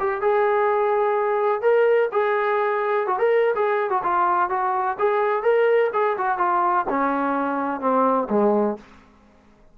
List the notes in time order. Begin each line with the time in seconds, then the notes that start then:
0.00 G4
0.21 G#4
1.62 A#4
2.12 G#4
3.07 F#4
3.19 A#4
3.56 G#4
3.90 F#4
4.04 F4
4.50 F#4
4.99 G#4
5.43 A#4
5.94 G#4
6.18 F#4
6.39 F4
6.89 C#4
7.81 C4
8.30 G#3